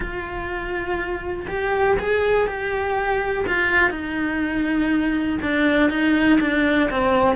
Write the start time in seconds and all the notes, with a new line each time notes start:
0.00 F4
1.48 G4
1.99 G#4
2.47 G4
3.47 F4
3.90 D#4
5.42 D4
5.90 D#4
6.40 D4
6.90 C4